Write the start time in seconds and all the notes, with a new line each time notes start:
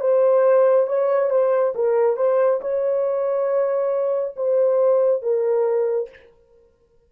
0.00 C5
0.87 C#5
1.30 C5
1.75 A#4
2.17 C5
2.61 C#5
4.36 C5
5.22 A#4